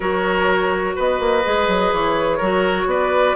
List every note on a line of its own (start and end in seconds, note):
0.00 0.95 F#3
0.00 1.42 F#4
0.00 0.95 A#4
0.00 0.95 C#5
0.95 1.19 B3
0.95 2.37 B4
0.95 1.93 D#5
1.19 1.43 A#3
1.44 1.67 G#3
1.44 2.40 G#4
1.67 1.91 F#3
1.92 2.40 E3
1.92 2.89 C#5
2.37 2.85 F#3
2.37 3.36 F#4
2.37 2.85 A#4
2.85 3.33 B3
2.85 3.36 B4
2.85 3.36 D5